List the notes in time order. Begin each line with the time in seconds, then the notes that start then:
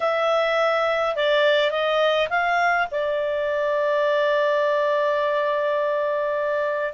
0.00 E5
1.15 D5
1.70 D#5
2.29 F5
2.91 D5